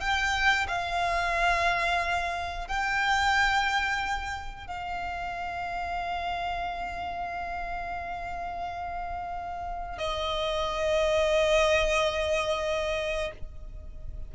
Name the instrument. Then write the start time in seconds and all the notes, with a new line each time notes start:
violin
0.00 G5
0.68 F5
2.68 G5
4.67 F5
9.98 D#5